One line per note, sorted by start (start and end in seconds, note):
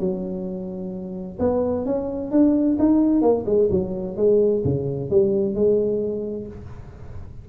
0.00 1.38 F#3
1.40 1.86 B3
1.86 2.32 C#4
2.32 2.78 D4
2.80 3.22 D#4
3.22 3.45 A#3
3.46 3.69 G#3
3.71 4.17 F#3
4.17 4.63 G#3
4.65 5.11 C#3
5.11 5.55 G3
5.55 6.48 G#3